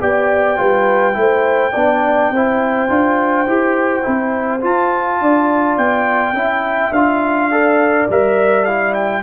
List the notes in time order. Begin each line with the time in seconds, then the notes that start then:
0.00 B3 G4 D5 G5
0.56 G3 F4 B4
1.13 A3 E4 C5
1.72 B3 D4 D5
2.31 C4 E4 C5
2.89 D4 F4
3.47 E4 G4
4.02 C4 E4
4.61 F4 A5
5.21 D4 D5
5.78 B3 G5
6.33 C#4 E4 E5
6.91 D4 F4 F5
7.51 A4 D5
8.09 G3 A#4 E5
8.64 E4 F5
8.94 G5